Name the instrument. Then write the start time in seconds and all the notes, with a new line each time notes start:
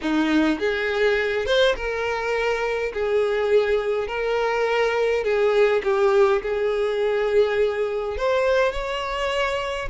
violin
0.01 D#4
0.59 G#4
1.46 C5
1.75 A#4
2.93 G#4
4.07 A#4
5.23 G#4
5.83 G4
6.42 G#4
8.17 C5
8.72 C#5